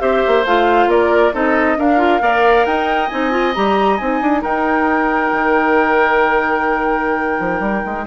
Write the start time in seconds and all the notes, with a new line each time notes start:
0.00 C4 G4 C5 E5
0.28 A#3
0.45 A3 F4 F5
0.87 A#3 A#4 D5
1.33 C4 D#4 A4 D#5
1.77 D4 A#4 F5
1.98 F4
2.21 A#3 A#4 D5
2.66 D#4 D#5 G5
3.09 C4 D#4 G#5
3.31 F4
3.55 G3 G4 A#5
3.98 C4 D#4 G#5
4.21 D4
4.42 D#4 A#4 G5
5.32 D#3
7.40 F3
7.60 G3
7.86 G#3